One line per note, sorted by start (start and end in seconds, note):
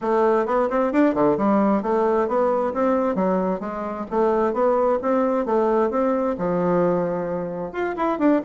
0.01 0.46 A3
0.46 0.68 B3
0.69 0.92 C4
0.92 1.14 D4
1.14 1.37 D3
1.37 1.82 G3
1.82 2.27 A3
2.27 2.73 B3
2.73 3.15 C4
3.15 3.60 F#3
3.60 4.05 G#3
4.10 4.53 A3
4.53 4.98 B3
5.01 5.45 C4
5.45 5.90 A3
5.90 6.36 C4
6.38 7.72 F3
7.72 7.95 F4
7.96 8.18 E4
8.18 8.41 D4